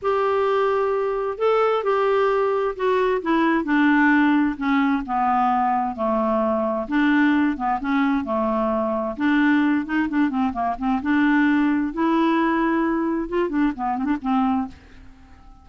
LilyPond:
\new Staff \with { instrumentName = "clarinet" } { \time 4/4 \tempo 4 = 131 g'2. a'4 | g'2 fis'4 e'4 | d'2 cis'4 b4~ | b4 a2 d'4~ |
d'8 b8 cis'4 a2 | d'4. dis'8 d'8 c'8 ais8 c'8 | d'2 e'2~ | e'4 f'8 d'8 b8 c'16 d'16 c'4 | }